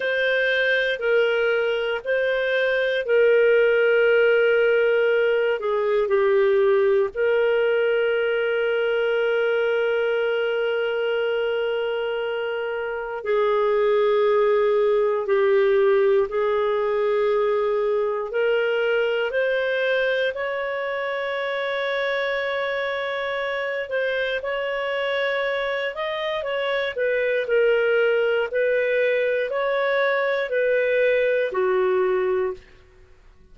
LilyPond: \new Staff \with { instrumentName = "clarinet" } { \time 4/4 \tempo 4 = 59 c''4 ais'4 c''4 ais'4~ | ais'4. gis'8 g'4 ais'4~ | ais'1~ | ais'4 gis'2 g'4 |
gis'2 ais'4 c''4 | cis''2.~ cis''8 c''8 | cis''4. dis''8 cis''8 b'8 ais'4 | b'4 cis''4 b'4 fis'4 | }